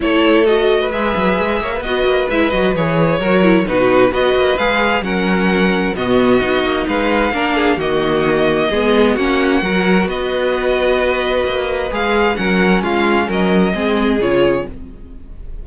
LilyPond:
<<
  \new Staff \with { instrumentName = "violin" } { \time 4/4 \tempo 4 = 131 cis''4 dis''4 e''2 | dis''4 e''8 dis''8 cis''2 | b'4 dis''4 f''4 fis''4~ | fis''4 dis''2 f''4~ |
f''4 dis''2. | fis''2 dis''2~ | dis''2 f''4 fis''4 | f''4 dis''2 cis''4 | }
  \new Staff \with { instrumentName = "violin" } { \time 4/4 a'4.~ a'16 b'4.~ b'16 cis''16 b'16~ | b'2. ais'4 | fis'4 b'2 ais'4~ | ais'4 fis'2 b'4 |
ais'8 gis'8 fis'2 gis'4 | fis'4 ais'4 b'2~ | b'2. ais'4 | f'4 ais'4 gis'2 | }
  \new Staff \with { instrumentName = "viola" } { \time 4/4 e'4 fis'4 gis'2 | fis'4 e'8 fis'8 gis'4 fis'8 e'8 | dis'4 fis'4 gis'4 cis'4~ | cis'4 b4 dis'2 |
d'4 ais2 b4 | cis'4 fis'2.~ | fis'2 gis'4 cis'4~ | cis'2 c'4 f'4 | }
  \new Staff \with { instrumentName = "cello" } { \time 4/4 a2 gis8 fis8 gis8 ais8 | b8 ais8 gis8 fis8 e4 fis4 | b,4 b8 ais8 gis4 fis4~ | fis4 b,4 b8 ais8 gis4 |
ais4 dis2 gis4 | ais4 fis4 b2~ | b4 ais4 gis4 fis4 | gis4 fis4 gis4 cis4 | }
>>